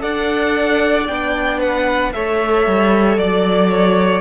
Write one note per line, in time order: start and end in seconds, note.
0.00 1.09 D4
0.00 1.05 A4
0.00 1.59 D5
0.00 1.07 F#5
1.07 2.14 B3
1.07 2.14 D4
1.07 1.60 G5
1.59 2.12 B4
1.59 2.13 F#5
2.13 2.66 A3
2.13 4.21 A4
2.13 3.19 C#5
2.13 3.18 E5
2.66 3.18 G3
3.18 4.21 F#3
3.18 3.70 D5
3.18 4.21 D5
3.70 4.21 C#5